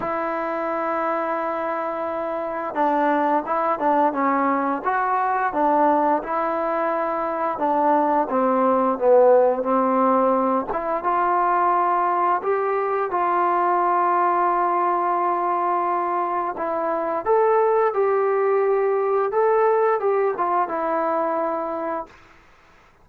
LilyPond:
\new Staff \with { instrumentName = "trombone" } { \time 4/4 \tempo 4 = 87 e'1 | d'4 e'8 d'8 cis'4 fis'4 | d'4 e'2 d'4 | c'4 b4 c'4. e'8 |
f'2 g'4 f'4~ | f'1 | e'4 a'4 g'2 | a'4 g'8 f'8 e'2 | }